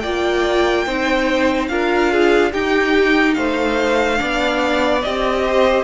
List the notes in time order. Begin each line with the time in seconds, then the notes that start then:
0.00 A#3 F4 D5 G5
0.86 C4 D#4 C5
1.68 D4 F4 A#4 F5
2.12 G#4
2.52 D#4 G4 G5
3.34 A3 C5 F5
4.17 B3 D4 D5
5.02 C4 G4 D#5
5.47 C5